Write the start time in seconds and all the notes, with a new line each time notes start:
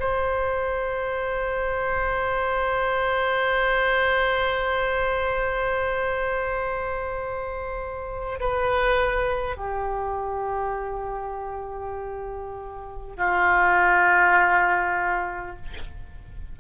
0.00 C5
8.41 B4
9.57 G4
13.17 F4